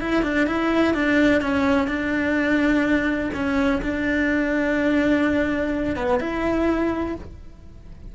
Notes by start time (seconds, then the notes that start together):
0.00 E4
0.23 D4
0.47 E4
0.94 D4
1.41 C#4
1.87 D4
3.34 C#4
3.82 D4
5.96 B3
6.19 E4